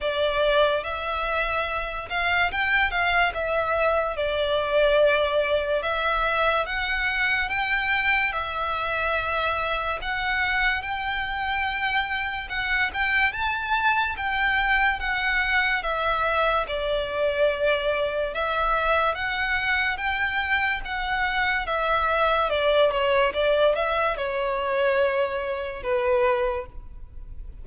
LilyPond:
\new Staff \with { instrumentName = "violin" } { \time 4/4 \tempo 4 = 72 d''4 e''4. f''8 g''8 f''8 | e''4 d''2 e''4 | fis''4 g''4 e''2 | fis''4 g''2 fis''8 g''8 |
a''4 g''4 fis''4 e''4 | d''2 e''4 fis''4 | g''4 fis''4 e''4 d''8 cis''8 | d''8 e''8 cis''2 b'4 | }